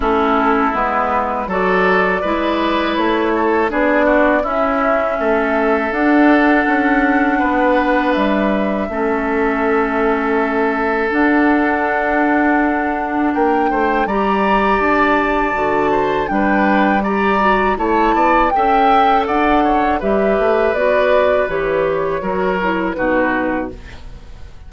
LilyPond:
<<
  \new Staff \with { instrumentName = "flute" } { \time 4/4 \tempo 4 = 81 a'4 b'4 d''2 | cis''4 d''4 e''2 | fis''2. e''4~ | e''2. fis''4~ |
fis''2 g''4 ais''4 | a''2 g''4 ais''4 | a''4 g''4 fis''4 e''4 | d''4 cis''2 b'4 | }
  \new Staff \with { instrumentName = "oboe" } { \time 4/4 e'2 a'4 b'4~ | b'8 a'8 gis'8 fis'8 e'4 a'4~ | a'2 b'2 | a'1~ |
a'2 ais'8 c''8 d''4~ | d''4. c''8 b'4 d''4 | cis''8 d''8 e''4 d''8 cis''8 b'4~ | b'2 ais'4 fis'4 | }
  \new Staff \with { instrumentName = "clarinet" } { \time 4/4 cis'4 b4 fis'4 e'4~ | e'4 d'4 cis'2 | d'1 | cis'2. d'4~ |
d'2. g'4~ | g'4 fis'4 d'4 g'8 fis'8 | e'4 a'2 g'4 | fis'4 g'4 fis'8 e'8 dis'4 | }
  \new Staff \with { instrumentName = "bassoon" } { \time 4/4 a4 gis4 fis4 gis4 | a4 b4 cis'4 a4 | d'4 cis'4 b4 g4 | a2. d'4~ |
d'2 ais8 a8 g4 | d'4 d4 g2 | a8 b8 cis'4 d'4 g8 a8 | b4 e4 fis4 b,4 | }
>>